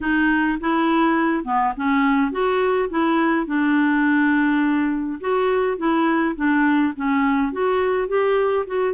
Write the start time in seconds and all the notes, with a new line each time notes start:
0.01 D#4
0.60 E4
1.44 B3
1.76 C#4
2.31 F#4
2.89 E4
3.46 D4
5.20 F#4
5.77 E4
6.35 D4
6.95 C#4
7.52 F#4
8.07 G4
8.66 F#4